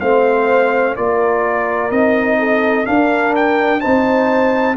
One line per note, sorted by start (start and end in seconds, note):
0.00 0.97 A3
0.00 0.96 C4
0.00 0.96 C5
0.00 0.95 F5
0.96 1.91 A#3
0.96 1.90 F4
0.96 2.39 A#4
0.96 1.91 D5
1.90 2.86 C4
1.90 2.84 D#4
1.90 2.86 D#5
2.39 2.87 A4
2.84 3.80 D4
2.84 3.84 D4
2.84 3.81 A#4
2.84 3.34 F5
3.36 3.80 G5
3.80 4.77 C4
3.80 4.75 D#4
3.80 4.76 C5
3.80 4.76 A5